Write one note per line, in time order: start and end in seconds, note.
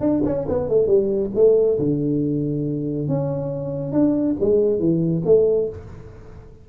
0.00 0.22 D4
0.25 0.47 C#4
0.48 0.69 B3
0.69 0.87 A3
0.87 1.30 G3
1.35 1.78 A3
1.78 3.08 D3
3.08 3.92 C#4
3.92 4.36 D4
4.40 4.79 G#3
4.79 5.22 E3
5.25 5.68 A3